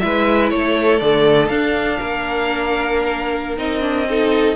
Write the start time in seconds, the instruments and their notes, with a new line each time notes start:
0.00 cello G#3, viola E4, violin B4 E5
0.50 cello A3, violin A4 C#5
1.00 cello D3, viola A3, violin D5
1.48 cello D4, viola D4, violin F5
1.99 cello A#3, violin A#4
3.58 cello C4, viola D#4, violin D#5
3.81 viola D4
4.09 viola D#4, violin A4